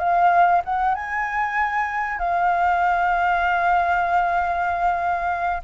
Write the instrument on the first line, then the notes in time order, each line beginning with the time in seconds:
flute
0.00 F5
0.65 F#5
0.95 G#5
2.19 F5